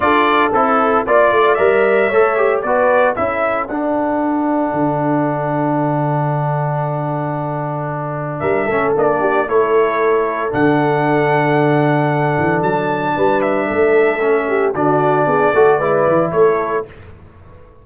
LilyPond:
<<
  \new Staff \with { instrumentName = "trumpet" } { \time 4/4 \tempo 4 = 114 d''4 a'4 d''4 e''4~ | e''4 d''4 e''4 fis''4~ | fis''1~ | fis''1 |
e''4 d''4 cis''2 | fis''1 | a''4. e''2~ e''8 | d''2. cis''4 | }
  \new Staff \with { instrumentName = "horn" } { \time 4/4 a'2 d''2 | cis''4 b'4 a'2~ | a'1~ | a'1 |
ais'8 a'4 g'8 a'2~ | a'1~ | a'4 b'4 a'4. g'8 | fis'4 gis'8 a'8 b'4 a'4 | }
  \new Staff \with { instrumentName = "trombone" } { \time 4/4 f'4 e'4 f'4 ais'4 | a'8 g'8 fis'4 e'4 d'4~ | d'1~ | d'1~ |
d'8 cis'8 d'4 e'2 | d'1~ | d'2. cis'4 | d'4. fis'8 e'2 | }
  \new Staff \with { instrumentName = "tuba" } { \time 4/4 d'4 c'4 ais8 a8 g4 | a4 b4 cis'4 d'4~ | d'4 d2.~ | d1 |
g8 a8 ais4 a2 | d2.~ d8 e8 | fis4 g4 a2 | d4 b8 a8 gis8 e8 a4 | }
>>